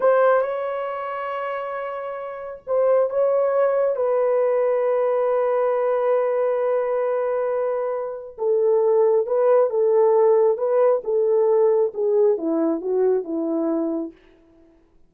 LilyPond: \new Staff \with { instrumentName = "horn" } { \time 4/4 \tempo 4 = 136 c''4 cis''2.~ | cis''2 c''4 cis''4~ | cis''4 b'2.~ | b'1~ |
b'2. a'4~ | a'4 b'4 a'2 | b'4 a'2 gis'4 | e'4 fis'4 e'2 | }